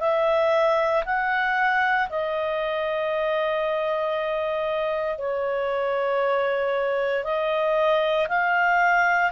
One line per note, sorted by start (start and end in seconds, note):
0.00 1.03 E5
1.05 2.08 F#5
2.09 5.18 D#5
5.18 7.24 C#5
7.24 8.27 D#5
8.28 9.32 F5